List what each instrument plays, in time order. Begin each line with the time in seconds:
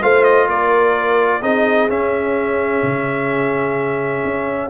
0.00 tuba A3, trombone F4, horn C5, trumpet F5
0.24 trumpet D#5
0.47 tuba A#3, horn A#4, trumpet D5
1.42 tuba C4, trombone D#4, horn G#4, trumpet D#5
1.88 tuba C#4, trombone C#4, trumpet E5
2.82 tuba C#3
4.24 tuba C#4